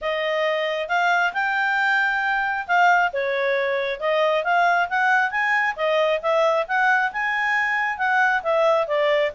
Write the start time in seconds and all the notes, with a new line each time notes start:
0.01 D#5
0.88 F5
1.33 G5
2.67 F5
3.12 C#5
4.00 D#5
4.44 F5
4.89 F#5
5.30 G#5
5.76 D#5
6.22 E5
6.67 F#5
7.12 G#5
7.98 F#5
8.42 E5
8.87 D5